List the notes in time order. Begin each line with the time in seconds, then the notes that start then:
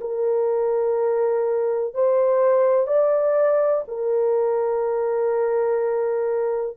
0.00 A#4
1.94 C5
2.87 D5
3.88 A#4